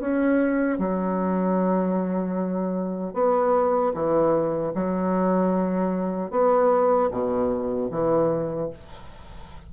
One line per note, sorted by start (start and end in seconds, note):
0.00 0.78 C#4
0.78 3.14 F#3
3.14 3.93 B3
3.94 4.73 E3
4.75 6.31 F#3
6.31 7.09 B3
7.11 7.89 B2
7.91 8.69 E3